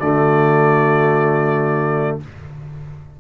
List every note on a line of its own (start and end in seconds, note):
0.00 2.19 D3
0.00 2.21 A3
0.00 2.20 F#4
0.00 2.19 D5